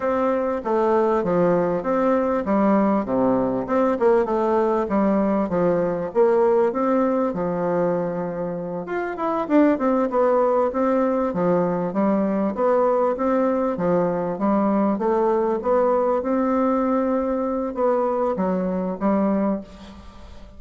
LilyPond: \new Staff \with { instrumentName = "bassoon" } { \time 4/4 \tempo 4 = 98 c'4 a4 f4 c'4 | g4 c4 c'8 ais8 a4 | g4 f4 ais4 c'4 | f2~ f8 f'8 e'8 d'8 |
c'8 b4 c'4 f4 g8~ | g8 b4 c'4 f4 g8~ | g8 a4 b4 c'4.~ | c'4 b4 fis4 g4 | }